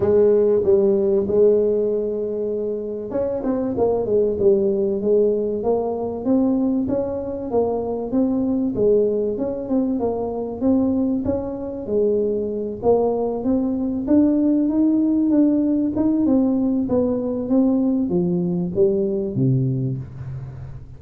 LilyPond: \new Staff \with { instrumentName = "tuba" } { \time 4/4 \tempo 4 = 96 gis4 g4 gis2~ | gis4 cis'8 c'8 ais8 gis8 g4 | gis4 ais4 c'4 cis'4 | ais4 c'4 gis4 cis'8 c'8 |
ais4 c'4 cis'4 gis4~ | gis8 ais4 c'4 d'4 dis'8~ | dis'8 d'4 dis'8 c'4 b4 | c'4 f4 g4 c4 | }